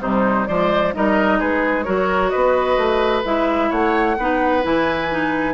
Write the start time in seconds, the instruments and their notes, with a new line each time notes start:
0.00 bassoon C3, clarinet G3, oboe D#4, flute C5
0.46 bassoon F3, clarinet G#3, oboe C5, flute D5
0.94 bassoon G3, clarinet D#4, oboe A#4, flute D#5
1.39 bassoon G#3, oboe G#4, flute B4
1.83 bassoon F#3, clarinet F#4, oboe A#4, flute C#5
2.29 bassoon B3, oboe B4, flute D#5
2.77 bassoon A3
3.24 bassoon G#3, clarinet E4, flute E5
3.69 bassoon A3, oboe C#5, flute F#5
4.18 bassoon B3, clarinet D#4, oboe B4
4.62 bassoon E3, clarinet E4, flute G#5
5.10 clarinet D#4